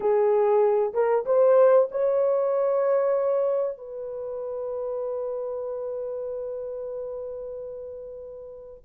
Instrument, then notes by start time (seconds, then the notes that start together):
horn
0.00 G#4
0.93 A#4
1.25 C5
1.91 C#5
3.77 B4